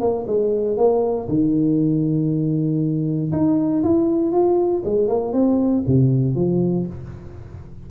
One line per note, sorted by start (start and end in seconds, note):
0.00 0.25 A#3
0.27 0.77 G#3
0.77 1.28 A#3
1.28 3.31 D#3
3.31 3.82 D#4
3.83 4.32 E4
4.32 4.82 F4
4.84 5.08 G#3
5.08 5.32 A#3
5.32 5.83 C4
5.87 6.35 C3
6.35 6.86 F3